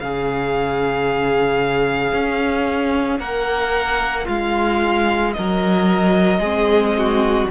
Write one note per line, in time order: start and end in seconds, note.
0.00 2.13 C#3
0.00 6.44 C#4
0.00 3.20 G#4
0.00 3.19 F5
2.13 3.20 C#4
3.19 4.27 A#3
3.19 4.25 A#4
3.19 4.26 F#5
4.25 5.35 G#3
4.25 5.32 F4
4.25 5.33 F5
5.33 6.39 F#3
5.33 6.40 A#4
5.33 7.48 D#5
6.39 7.46 G#3
6.39 7.51 C4
6.39 6.93 G#4
6.98 7.51 F#4